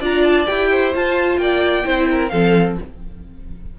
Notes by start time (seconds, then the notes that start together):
0.00 D4 F4 D5 A#5
0.24 A5
0.47 E4 G4 G5
0.70 C5
0.94 F4 A5
1.38 A#3 D5 G5
1.84 C4 E4 C5
2.11 A#4
2.28 F3 C4 A4 F5